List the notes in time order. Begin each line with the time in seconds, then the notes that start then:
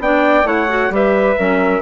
0.00 B3 D4 D5 G5
0.44 A3 E4 C#5 F#5
0.68 F#4
0.91 G3 G4 B4 E5
1.37 F#3 C#4 A#4